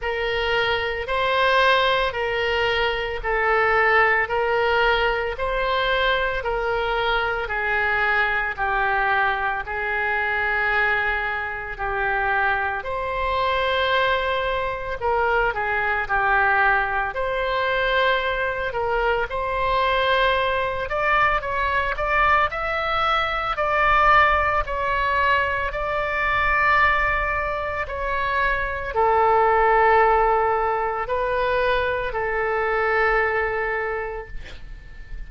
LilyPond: \new Staff \with { instrumentName = "oboe" } { \time 4/4 \tempo 4 = 56 ais'4 c''4 ais'4 a'4 | ais'4 c''4 ais'4 gis'4 | g'4 gis'2 g'4 | c''2 ais'8 gis'8 g'4 |
c''4. ais'8 c''4. d''8 | cis''8 d''8 e''4 d''4 cis''4 | d''2 cis''4 a'4~ | a'4 b'4 a'2 | }